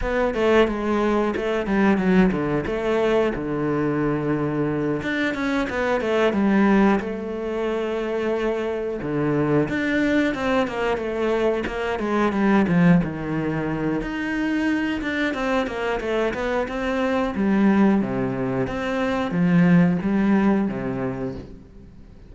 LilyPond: \new Staff \with { instrumentName = "cello" } { \time 4/4 \tempo 4 = 90 b8 a8 gis4 a8 g8 fis8 d8 | a4 d2~ d8 d'8 | cis'8 b8 a8 g4 a4.~ | a4. d4 d'4 c'8 |
ais8 a4 ais8 gis8 g8 f8 dis8~ | dis4 dis'4. d'8 c'8 ais8 | a8 b8 c'4 g4 c4 | c'4 f4 g4 c4 | }